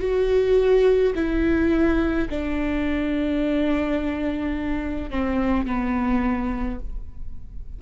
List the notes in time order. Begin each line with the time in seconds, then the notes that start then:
0.00 F#4
1.15 E4
2.30 D4
5.10 C4
5.67 B3